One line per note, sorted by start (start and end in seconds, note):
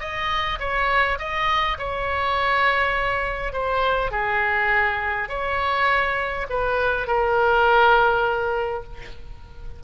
0.00 0.59 D#5
0.60 1.18 C#5
1.19 1.78 D#5
1.78 3.53 C#5
3.53 4.11 C5
4.11 5.29 G#4
5.29 6.47 C#5
6.50 7.07 B4
7.07 8.84 A#4